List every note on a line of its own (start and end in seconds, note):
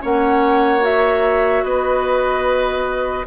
0.00 1.63 A#3
0.00 0.81 C#4
0.00 1.64 C#5
0.00 0.84 F#5
0.81 3.24 F#4
0.81 1.64 E5
1.63 3.25 B3
1.63 3.26 B4
1.63 3.26 D#5